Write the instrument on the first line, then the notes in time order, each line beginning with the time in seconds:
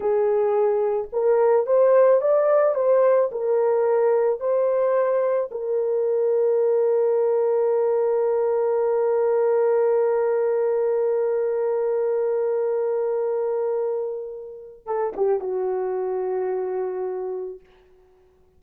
horn
0.00 G#4
1.12 A#4
1.66 C5
2.21 D5
2.74 C5
3.31 A#4
4.40 C5
5.51 A#4
14.85 A4
15.16 G4
15.40 F#4